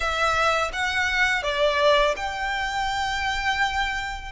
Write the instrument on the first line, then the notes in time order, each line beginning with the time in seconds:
violin
0.00 E5
0.72 F#5
1.43 D5
2.16 G5